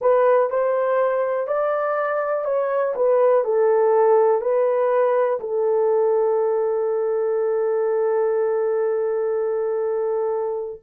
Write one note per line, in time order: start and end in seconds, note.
0.01 0.50 B4
0.50 1.47 C5
1.47 2.44 D5
2.44 2.94 C#5
2.95 3.44 B4
3.44 4.41 A4
4.41 5.39 B4
5.39 10.80 A4